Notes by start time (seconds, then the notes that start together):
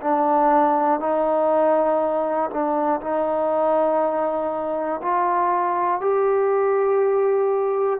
0.00 D4
1.00 D#4
2.50 D4
3.00 D#4
5.01 F4
6.00 G4